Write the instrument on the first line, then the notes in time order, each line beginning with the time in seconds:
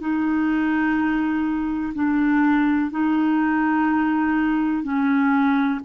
clarinet
0.00 D#4
1.95 D4
2.91 D#4
4.83 C#4